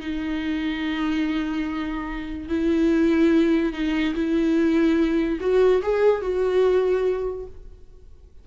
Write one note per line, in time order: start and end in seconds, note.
0.00 2.48 D#4
2.48 3.72 E4
3.72 4.14 D#4
4.14 5.38 E4
5.40 5.81 F#4
5.82 6.21 G#4
6.21 7.46 F#4